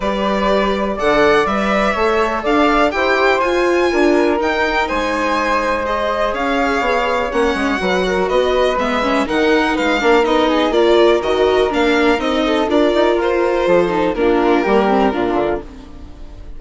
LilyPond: <<
  \new Staff \with { instrumentName = "violin" } { \time 4/4 \tempo 4 = 123 d''2 fis''4 e''4~ | e''4 f''4 g''4 gis''4~ | gis''4 g''4 gis''2 | dis''4 f''2 fis''4~ |
fis''4 dis''4 e''4 fis''4 | f''4 dis''4 d''4 dis''4 | f''4 dis''4 d''4 c''4~ | c''4 ais'2. | }
  \new Staff \with { instrumentName = "flute" } { \time 4/4 b'2 d''2 | cis''4 d''4 c''2 | ais'2 c''2~ | c''4 cis''2. |
b'8 ais'8 b'2 ais'4 | b'8 ais'4 gis'8 ais'2~ | ais'4. a'8 ais'2 | a'4 f'4 g'4 f'4 | }
  \new Staff \with { instrumentName = "viola" } { \time 4/4 g'2 a'4 b'4 | a'2 g'4 f'4~ | f'4 dis'2. | gis'2. cis'4 |
fis'2 b8 cis'8 dis'4~ | dis'8 d'8 dis'4 f'4 fis'4 | d'4 dis'4 f'2~ | f'8 dis'8 d'4 ais8 c'8 d'4 | }
  \new Staff \with { instrumentName = "bassoon" } { \time 4/4 g2 d4 g4 | a4 d'4 e'4 f'4 | d'4 dis'4 gis2~ | gis4 cis'4 b4 ais8 gis8 |
fis4 b4 gis4 dis4 | gis8 ais8 b4 ais4 dis4 | ais4 c'4 d'8 dis'8 f'4 | f4 ais4 g4 ais,8 d8 | }
>>